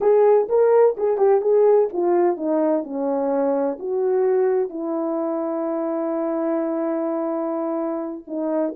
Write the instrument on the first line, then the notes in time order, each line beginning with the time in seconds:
horn
0.00 G#4
0.48 A#4
0.97 G#4
1.17 G4
1.41 G#4
1.92 F4
2.36 D#4
2.83 C#4
3.79 F#4
4.69 E4
8.27 D#4